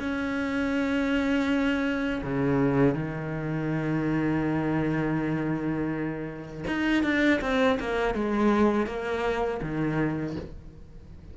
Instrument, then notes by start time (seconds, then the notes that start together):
cello
0.00 C#4
2.23 C#3
2.95 D#3
6.67 D#4
7.04 D4
7.42 C4
7.80 A#3
8.14 G#3
8.87 A#3
9.62 D#3